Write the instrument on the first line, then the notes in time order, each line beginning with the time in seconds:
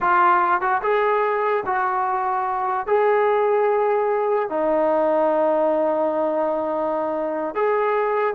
trombone
0.01 F4
0.61 F#4
0.82 G#4
1.66 F#4
2.86 G#4
4.49 D#4
7.54 G#4